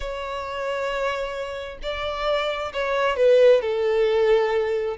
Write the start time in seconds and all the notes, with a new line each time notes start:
0.00 C#5
1.82 D5
2.73 C#5
3.16 B4
3.61 A4